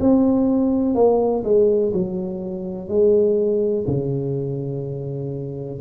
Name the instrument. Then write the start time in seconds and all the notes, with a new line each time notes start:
tuba
0.00 C4
0.95 A#3
1.44 G#3
1.93 F#3
2.89 G#3
3.87 C#3